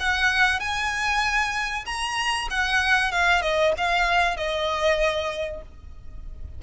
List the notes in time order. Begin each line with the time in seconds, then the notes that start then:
0.00 F#5
0.60 G#5
1.86 A#5
2.51 F#5
3.12 F5
3.42 D#5
3.78 F5
4.37 D#5